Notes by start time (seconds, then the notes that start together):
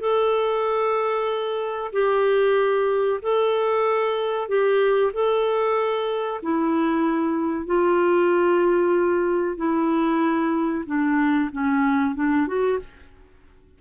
0.00 A4
1.92 G4
3.22 A4
4.48 G4
5.13 A4
6.42 E4
7.66 F4
9.57 E4
10.86 D4
11.52 C#4
12.15 D4
12.47 F#4